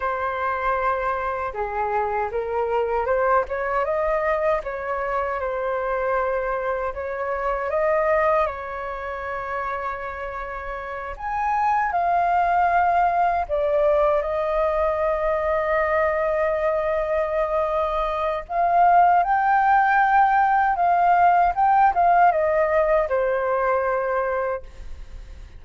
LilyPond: \new Staff \with { instrumentName = "flute" } { \time 4/4 \tempo 4 = 78 c''2 gis'4 ais'4 | c''8 cis''8 dis''4 cis''4 c''4~ | c''4 cis''4 dis''4 cis''4~ | cis''2~ cis''8 gis''4 f''8~ |
f''4. d''4 dis''4.~ | dis''1 | f''4 g''2 f''4 | g''8 f''8 dis''4 c''2 | }